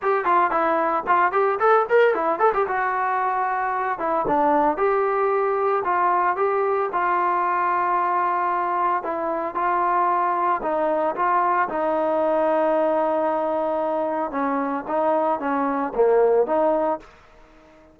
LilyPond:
\new Staff \with { instrumentName = "trombone" } { \time 4/4 \tempo 4 = 113 g'8 f'8 e'4 f'8 g'8 a'8 ais'8 | e'8 a'16 g'16 fis'2~ fis'8 e'8 | d'4 g'2 f'4 | g'4 f'2.~ |
f'4 e'4 f'2 | dis'4 f'4 dis'2~ | dis'2. cis'4 | dis'4 cis'4 ais4 dis'4 | }